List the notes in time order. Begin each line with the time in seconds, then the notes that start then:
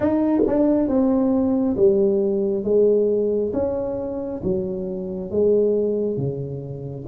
0.00 D#4
0.47 D4
0.87 C4
1.76 G3
2.64 G#3
3.53 C#4
4.43 F#3
5.30 G#3
6.17 C#3